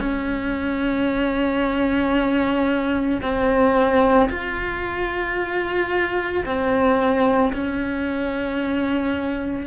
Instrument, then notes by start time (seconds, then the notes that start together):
cello
0.00 C#4
3.22 C4
4.30 F4
6.46 C4
7.53 C#4